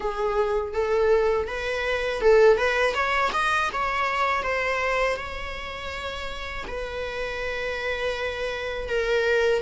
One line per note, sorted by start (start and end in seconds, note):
0.00 0.73 G#4
0.73 1.47 A4
1.47 2.21 B4
2.21 2.57 A4
2.57 2.94 B4
2.94 3.31 C#5
3.32 3.69 D#5
3.72 4.42 C#5
4.42 5.16 C5
5.16 6.64 C#5
6.67 8.88 B4
8.88 9.62 A#4